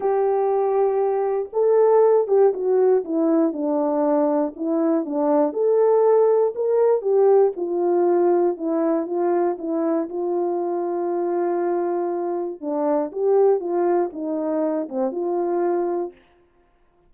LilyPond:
\new Staff \with { instrumentName = "horn" } { \time 4/4 \tempo 4 = 119 g'2. a'4~ | a'8 g'8 fis'4 e'4 d'4~ | d'4 e'4 d'4 a'4~ | a'4 ais'4 g'4 f'4~ |
f'4 e'4 f'4 e'4 | f'1~ | f'4 d'4 g'4 f'4 | dis'4. c'8 f'2 | }